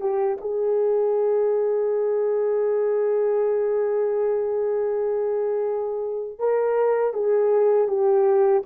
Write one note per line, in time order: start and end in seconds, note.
0.00 0.38 G4
0.41 6.39 G#4
6.39 7.13 A#4
7.13 7.88 G#4
7.88 8.63 G4